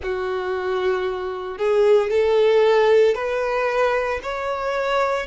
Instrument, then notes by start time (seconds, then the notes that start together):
violin
0.02 F#4
1.58 G#4
2.10 A4
3.14 B4
4.22 C#5